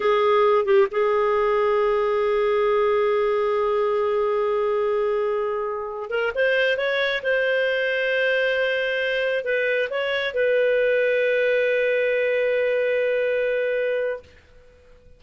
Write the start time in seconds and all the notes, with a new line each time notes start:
0.00 G#4
0.65 G4
0.91 G#4
6.10 A#4
6.34 C5
6.77 C#5
7.22 C5
9.44 B4
9.89 C#5
10.34 B4